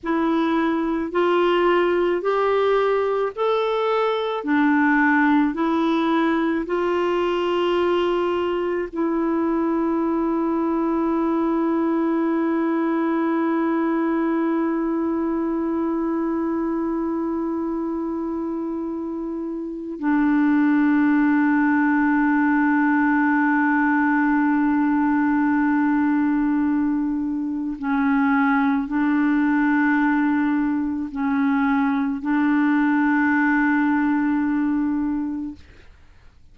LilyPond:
\new Staff \with { instrumentName = "clarinet" } { \time 4/4 \tempo 4 = 54 e'4 f'4 g'4 a'4 | d'4 e'4 f'2 | e'1~ | e'1~ |
e'2 d'2~ | d'1~ | d'4 cis'4 d'2 | cis'4 d'2. | }